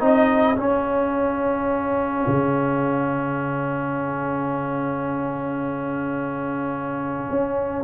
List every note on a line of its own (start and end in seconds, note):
0.00 0.57 C4
0.00 0.56 D#4
0.00 7.84 G#4
0.00 0.59 D#5
0.57 7.84 C#4
0.57 2.26 C#4
0.57 7.84 F5
2.28 7.30 C#3
7.30 7.84 C#4